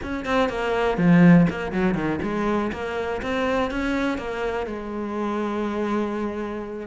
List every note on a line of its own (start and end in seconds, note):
0.02 0.25 C#4
0.25 0.49 C4
0.49 0.97 A#3
0.97 1.46 F3
1.49 1.72 A#3
1.72 1.94 F#3
1.94 2.19 D#3
2.22 2.71 G#3
2.72 3.21 A#3
3.22 3.70 C4
3.70 4.17 C#4
4.17 4.66 A#3
4.66 6.87 G#3